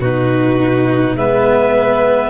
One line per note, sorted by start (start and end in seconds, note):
0.00 1.15 B2
0.00 1.19 D#4
0.00 1.16 F#4
0.00 1.17 B4
1.16 2.30 G#3
1.16 2.30 B3
1.16 2.30 B4
1.16 2.30 E5